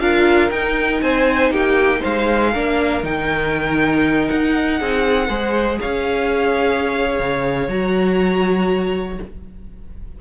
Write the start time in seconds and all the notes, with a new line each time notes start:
0.00 D4 F4 A#4 F5
0.51 D#4 G5
1.02 C4 C5 G#5
1.51 A#3 G4 G5
2.00 G#3 C5 F5
2.52 A#3 D4 A#4
3.03 D#3 D#4 G5
4.28 D#4 F#5
4.79 C4 G#4
5.28 G#3 G#4 C5
5.81 C#4 C#5 F5
7.20 C#3
7.68 F#3 F#4 A#5